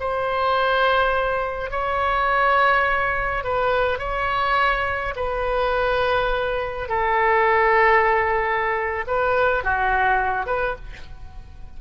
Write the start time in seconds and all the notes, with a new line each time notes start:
0.00 C5
1.71 C#5
3.44 B4
3.99 C#5
5.16 B4
6.89 A4
9.08 B4
9.64 F#4
10.47 B4